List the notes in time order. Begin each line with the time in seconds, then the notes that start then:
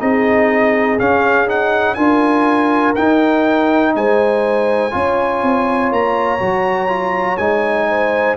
0.00 C4 D#4 G#4 D#5
1.00 C#4 F5
1.48 D#4 F#5
1.95 D4 F4 A#4 G#5
2.96 D#4 G5
3.96 G#3 C5 G#5
4.91 C#4 F4 C#5
5.43 C4
5.92 A#3 A#5
6.40 F#3 F#4
6.89 F4
7.38 G#3 D#4 G#5
7.89 C5